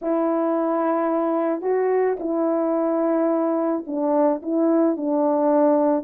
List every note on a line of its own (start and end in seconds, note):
0.01 1.61 E4
1.61 2.16 F#4
2.19 3.85 E4
3.86 4.41 D4
4.42 4.96 E4
4.96 6.04 D4